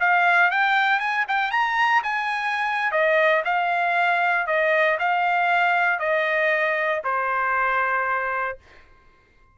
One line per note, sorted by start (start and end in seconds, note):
0.00 0.51 F5
0.51 1.00 G5
1.00 1.25 G#5
1.28 1.51 G5
1.51 2.02 A#5
2.03 2.92 G#5
2.92 3.43 D#5
3.45 4.47 F5
4.47 4.98 D#5
4.99 5.99 F5
5.99 7.02 D#5
7.04 8.58 C5